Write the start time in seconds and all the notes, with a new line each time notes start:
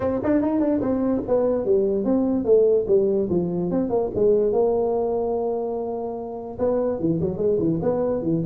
0.00 C4
0.23 D4
0.41 D#4
0.60 D4
0.80 C4
1.27 B3
1.65 G3
2.04 C4
2.44 A3
2.87 G3
3.29 F3
3.71 C4
3.89 A#3
4.14 G#3
4.52 A#3
6.58 B3
6.99 E3
7.20 F#3
7.37 G#3
7.59 E3
7.81 B3
8.22 E3